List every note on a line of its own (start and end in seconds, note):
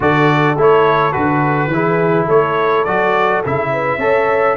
0.00 0.57 D3
0.00 0.56 F#4
0.00 1.72 A4
0.00 0.58 D5
0.57 1.14 A3
0.57 1.12 E4
0.57 1.12 C#5
1.12 1.67 D3
1.12 1.69 F#4
1.12 2.26 B4
1.67 2.24 E3
1.73 2.86 E4
1.73 2.25 G#4
2.25 2.85 A3
2.25 3.68 A4
2.25 2.84 C#5
2.84 3.43 F#3
2.84 3.44 F#4
2.84 3.41 D5
3.45 3.98 C#3
3.45 4.00 E4
3.45 4.56 E5
3.72 3.98 B4
3.98 4.55 C#4
3.98 4.56 A4
3.98 4.55 C#5